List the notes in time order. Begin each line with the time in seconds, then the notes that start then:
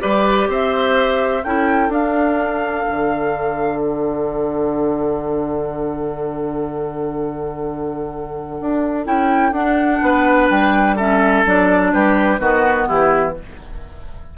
0.00 G3 G4 B4 D5
0.48 C4 C5 E5
1.44 C#4 E4 A4 G5
1.89 D4 F5
2.90 D3
3.80 F#5
8.61 D4
9.05 C#4 E4 G5
9.52 D4 F#5
10.02 B3 B4
10.50 G3 G5
10.96 C#4 A4 E5
11.45 F#3 D4 D5
11.93 G3 G4 B4
12.39 D#3 B3 F#4
12.88 E3 E4 G4